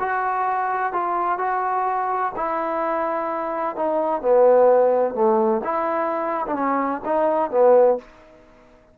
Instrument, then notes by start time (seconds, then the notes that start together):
trombone
0.00 F#4
0.93 F4
1.39 F#4
2.37 E4
3.76 D#4
4.22 B3
5.15 A3
5.65 E4
6.48 D4
6.55 C#4
7.05 D#4
7.51 B3